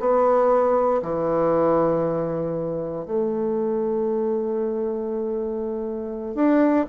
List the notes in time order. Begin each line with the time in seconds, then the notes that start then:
0.00 B3
1.03 E3
3.06 A3
6.35 D4